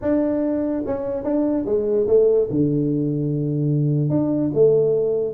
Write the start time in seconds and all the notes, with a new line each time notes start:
0.01 D4
0.86 C#4
1.23 D4
1.65 G#3
2.07 A3
2.50 D3
4.09 D4
4.54 A3